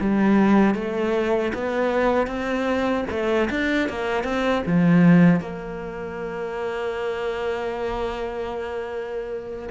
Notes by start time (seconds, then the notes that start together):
0.00 G3
0.75 A3
1.54 B3
2.27 C4
3.10 A3
3.50 D4
3.89 A#3
4.24 C4
4.66 F3
5.40 A#3